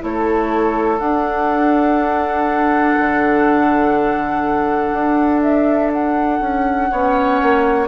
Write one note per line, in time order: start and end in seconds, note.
0.00 1.00 A3
0.00 0.98 E4
0.00 6.91 A4
0.00 0.99 C#5
0.99 2.97 D4
0.99 6.91 D4
0.99 5.42 F#5
2.99 4.93 D3
4.93 6.40 D4
5.42 5.91 E5
5.93 7.88 F#5
6.41 6.90 C#4
6.91 7.42 B3
6.91 7.88 C#4
6.91 7.88 C#5
7.42 7.88 A#3